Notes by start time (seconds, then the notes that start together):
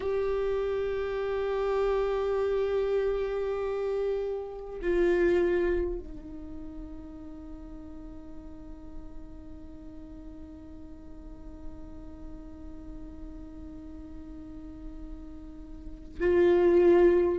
0.00 G4
4.81 F4
5.99 D#4
16.20 F4